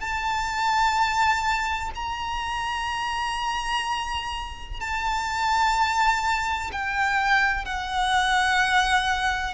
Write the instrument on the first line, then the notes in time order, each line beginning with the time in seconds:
violin
0.00 A5
1.95 A#5
4.80 A5
6.72 G5
7.65 F#5